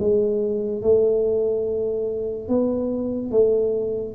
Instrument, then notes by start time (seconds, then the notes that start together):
tuba
0.00 G#3
0.82 A3
2.49 B3
3.32 A3